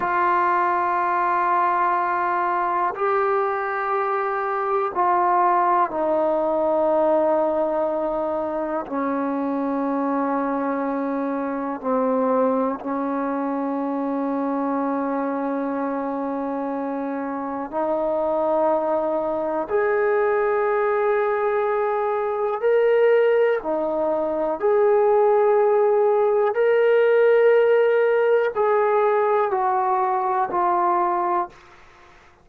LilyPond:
\new Staff \with { instrumentName = "trombone" } { \time 4/4 \tempo 4 = 61 f'2. g'4~ | g'4 f'4 dis'2~ | dis'4 cis'2. | c'4 cis'2.~ |
cis'2 dis'2 | gis'2. ais'4 | dis'4 gis'2 ais'4~ | ais'4 gis'4 fis'4 f'4 | }